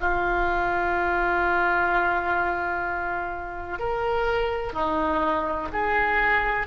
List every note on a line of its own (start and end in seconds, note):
0.00 3.79 F4
3.79 4.73 A#4
4.73 5.68 D#4
5.73 6.67 G#4